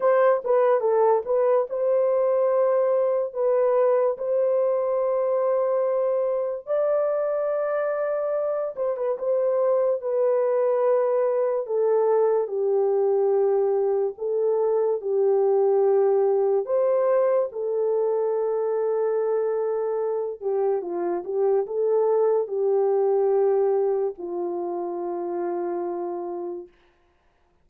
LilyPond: \new Staff \with { instrumentName = "horn" } { \time 4/4 \tempo 4 = 72 c''8 b'8 a'8 b'8 c''2 | b'4 c''2. | d''2~ d''8 c''16 b'16 c''4 | b'2 a'4 g'4~ |
g'4 a'4 g'2 | c''4 a'2.~ | a'8 g'8 f'8 g'8 a'4 g'4~ | g'4 f'2. | }